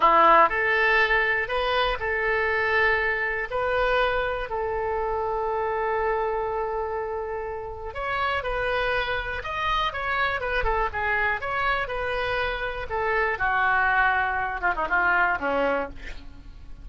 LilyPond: \new Staff \with { instrumentName = "oboe" } { \time 4/4 \tempo 4 = 121 e'4 a'2 b'4 | a'2. b'4~ | b'4 a'2.~ | a'1 |
cis''4 b'2 dis''4 | cis''4 b'8 a'8 gis'4 cis''4 | b'2 a'4 fis'4~ | fis'4. f'16 dis'16 f'4 cis'4 | }